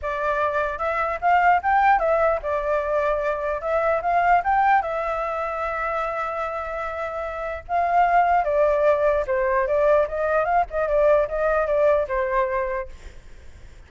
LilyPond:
\new Staff \with { instrumentName = "flute" } { \time 4/4 \tempo 4 = 149 d''2 e''4 f''4 | g''4 e''4 d''2~ | d''4 e''4 f''4 g''4 | e''1~ |
e''2. f''4~ | f''4 d''2 c''4 | d''4 dis''4 f''8 dis''8 d''4 | dis''4 d''4 c''2 | }